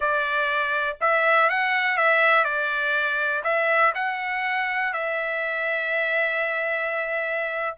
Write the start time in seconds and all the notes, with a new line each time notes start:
0.00 D5
1.01 E5
1.49 F#5
1.97 E5
2.44 D5
3.43 E5
3.94 F#5
4.93 E5